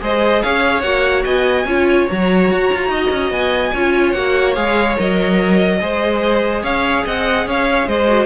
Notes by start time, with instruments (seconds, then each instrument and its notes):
0.00 cello G#3, viola G#4, violin C5 D#5
0.43 cello C#4, violin C#5 F5
0.82 cello A#3, viola F#4, violin F#5
1.25 cello B3, violin D#5 G#5
1.66 cello C#4, viola F4, violin C#5
2.09 cello F#3, viola F#4, violin A#5
2.52 cello F#4
2.74 cello F4
2.89 cello D#4, violin D#5
3.11 cello C#4
3.31 cello B3, violin G#5
3.72 cello C#4, viola F4, violin C#5
4.12 cello A#3, viola F#4, violin F#5
4.55 cello G#3, viola G#4, violin F5
4.97 cello F#3, viola A#4, violin D#5
5.79 cello G#3, viola G#4, violin C5
6.63 cello C#4, violin C#5 F5
7.06 cello C4, violin D#5 F#5
7.46 cello C#4, violin C#5 F5
7.88 cello G#3, violin C5 D#5
8.08 viola F#4